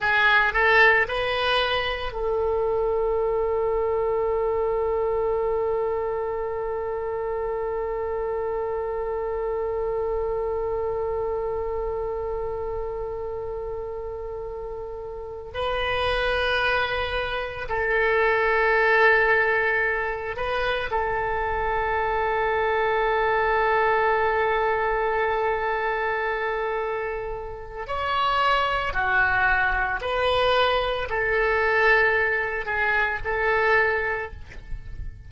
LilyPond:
\new Staff \with { instrumentName = "oboe" } { \time 4/4 \tempo 4 = 56 gis'8 a'8 b'4 a'2~ | a'1~ | a'1~ | a'2~ a'8 b'4.~ |
b'8 a'2~ a'8 b'8 a'8~ | a'1~ | a'2 cis''4 fis'4 | b'4 a'4. gis'8 a'4 | }